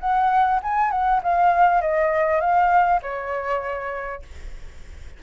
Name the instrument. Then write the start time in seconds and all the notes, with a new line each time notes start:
flute
0.00 F#5
0.62 G#5
0.91 F#5
1.23 F5
1.81 D#5
2.41 F5
3.02 C#5